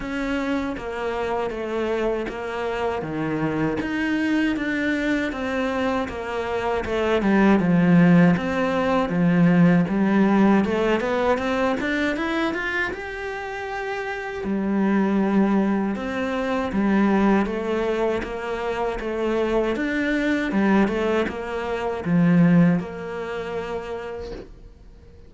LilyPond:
\new Staff \with { instrumentName = "cello" } { \time 4/4 \tempo 4 = 79 cis'4 ais4 a4 ais4 | dis4 dis'4 d'4 c'4 | ais4 a8 g8 f4 c'4 | f4 g4 a8 b8 c'8 d'8 |
e'8 f'8 g'2 g4~ | g4 c'4 g4 a4 | ais4 a4 d'4 g8 a8 | ais4 f4 ais2 | }